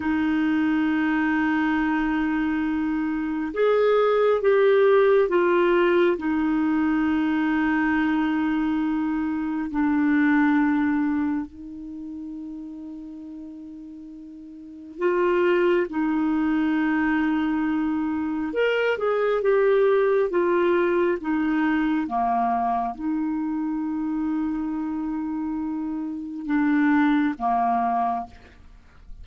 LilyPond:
\new Staff \with { instrumentName = "clarinet" } { \time 4/4 \tempo 4 = 68 dis'1 | gis'4 g'4 f'4 dis'4~ | dis'2. d'4~ | d'4 dis'2.~ |
dis'4 f'4 dis'2~ | dis'4 ais'8 gis'8 g'4 f'4 | dis'4 ais4 dis'2~ | dis'2 d'4 ais4 | }